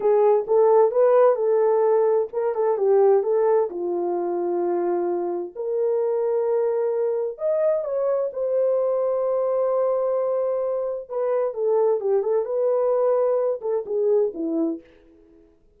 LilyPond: \new Staff \with { instrumentName = "horn" } { \time 4/4 \tempo 4 = 130 gis'4 a'4 b'4 a'4~ | a'4 ais'8 a'8 g'4 a'4 | f'1 | ais'1 |
dis''4 cis''4 c''2~ | c''1 | b'4 a'4 g'8 a'8 b'4~ | b'4. a'8 gis'4 e'4 | }